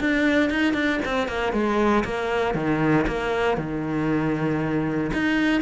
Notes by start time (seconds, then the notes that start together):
0.00 D4
0.50 D#4
0.73 D4
1.05 C4
1.28 A#3
1.53 G#3
2.04 A#3
2.55 D#3
3.07 A#3
3.57 D#3
5.13 D#4